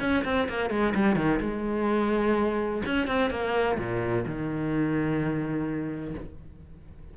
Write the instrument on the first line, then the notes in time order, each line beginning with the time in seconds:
cello
0.00 C#4
0.24 C4
0.49 A#3
0.70 G#3
0.94 G3
1.16 D#3
1.40 G#3
2.86 C#4
3.07 C4
3.30 A#3
3.78 A#2
4.26 D#3